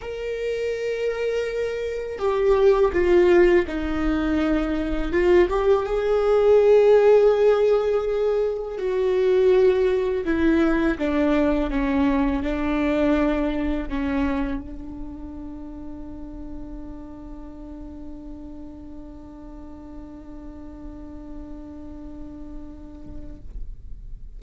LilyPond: \new Staff \with { instrumentName = "viola" } { \time 4/4 \tempo 4 = 82 ais'2. g'4 | f'4 dis'2 f'8 g'8 | gis'1 | fis'2 e'4 d'4 |
cis'4 d'2 cis'4 | d'1~ | d'1~ | d'1 | }